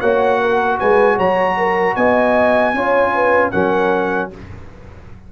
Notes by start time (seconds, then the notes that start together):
0.00 A#3 F#4 C#5 F#5
0.40 A#4
0.79 G#3 B4 G#5
1.16 F#3 C#5 A#5
1.57 A#4
1.95 B3 D#5 G#5
2.74 C#4 F4 C#5
3.14 B4
3.51 F#3 C#4 A#4 F#5